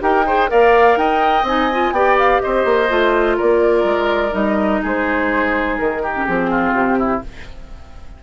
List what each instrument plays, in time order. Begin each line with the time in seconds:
0.00 bassoon D#4, clarinet G4, oboe A#4, flute G5
0.26 clarinet G#4, oboe C5
0.48 bassoon A#3, clarinet A#4, oboe D5, flute F5
0.96 bassoon D#4, oboe D#5, flute G5
1.43 bassoon C4, clarinet D#4, flute G#5
1.72 clarinet F4
1.92 bassoon B3, clarinet G4, oboe D5, flute G5
2.18 flute F5
2.40 bassoon C4, oboe C5, flute D#5
2.65 bassoon A#3
2.88 bassoon A3, clarinet F4
3.37 bassoon A#3, oboe A#4, flute D5
3.83 bassoon G#3
4.31 bassoon G3, clarinet D#4, flute D#5
4.82 bassoon G#3, oboe G#4, flute C5
5.77 bassoon D#3, flute A#4
6.02 oboe G4
6.15 clarinet C#4
6.25 bassoon F3, clarinet C4, flute G#4
6.50 oboe F4
6.73 bassoon C3, flute G4
6.98 oboe E4